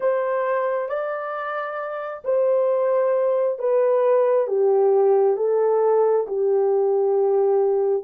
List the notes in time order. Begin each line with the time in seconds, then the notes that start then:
0.00 C5
0.88 D5
2.24 C5
3.58 B4
4.47 G4
5.36 A4
6.27 G4